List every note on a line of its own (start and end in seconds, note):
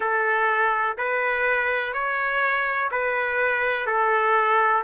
0.00 0.97 A4
0.97 1.93 B4
1.93 2.89 C#5
2.91 3.86 B4
3.86 4.83 A4